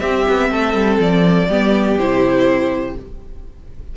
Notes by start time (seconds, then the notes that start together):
0.00 C4 G4 E5
0.29 B3
0.51 A3 A4
0.74 G3
0.99 F3 D5
1.48 G3 B3 G4
1.99 C3 E4 C5